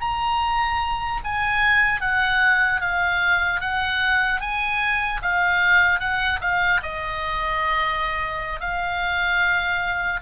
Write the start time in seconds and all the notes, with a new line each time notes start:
0.00 A#5
1.24 G#5
2.01 F#5
2.81 F5
3.60 F#5
4.40 G#5
5.22 F5
6.00 F#5
6.41 F5
6.83 D#5
8.60 F5